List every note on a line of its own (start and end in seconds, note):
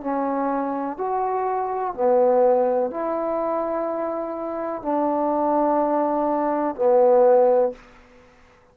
0.00 0.97 C#4
0.97 1.94 F#4
1.94 2.90 B3
2.90 4.82 E4
4.82 6.75 D4
6.75 7.72 B3